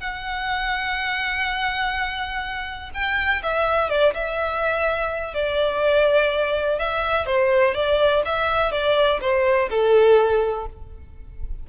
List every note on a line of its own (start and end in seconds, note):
0.00 2.90 F#5
2.94 3.42 G5
3.43 3.89 E5
3.89 4.13 D5
4.14 5.34 E5
5.34 6.79 D5
6.79 7.26 E5
7.26 7.74 C5
7.74 8.23 D5
8.25 8.72 E5
8.72 9.20 D5
9.21 9.69 C5
9.69 10.66 A4